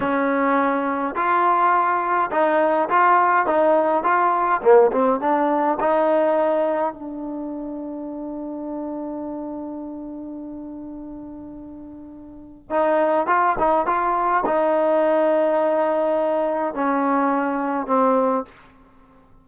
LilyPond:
\new Staff \with { instrumentName = "trombone" } { \time 4/4 \tempo 4 = 104 cis'2 f'2 | dis'4 f'4 dis'4 f'4 | ais8 c'8 d'4 dis'2 | d'1~ |
d'1~ | d'2 dis'4 f'8 dis'8 | f'4 dis'2.~ | dis'4 cis'2 c'4 | }